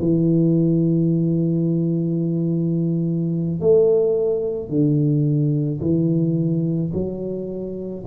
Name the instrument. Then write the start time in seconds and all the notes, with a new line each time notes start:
tuba
0.00 E3
3.61 A3
4.69 D3
5.81 E3
6.93 F#3